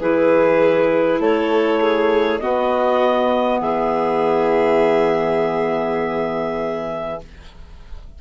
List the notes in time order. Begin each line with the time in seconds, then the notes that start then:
0.00 E3 E4 G#4 B4
1.20 A3 A4 C#5
1.80 G#4
2.39 B3 F#4 D#5
3.60 E3 G#4 E5